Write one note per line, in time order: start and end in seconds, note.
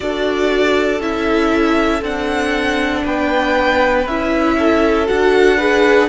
0.00 1.00 D4
0.00 1.00 F#4
0.00 3.03 A4
0.00 1.01 D5
1.00 2.01 C#4
1.00 2.02 E4
1.00 2.03 E5
2.02 3.03 C4
2.02 4.06 D4
2.02 3.05 F#5
3.03 4.06 B3
3.03 4.56 B4
3.03 4.07 G5
4.06 5.08 C#4
4.06 5.07 E4
4.06 5.07 E5
4.58 5.57 A4
5.07 6.09 D4
5.07 5.57 F#4
5.07 6.09 F#5
5.57 6.09 G#4
5.57 6.08 B4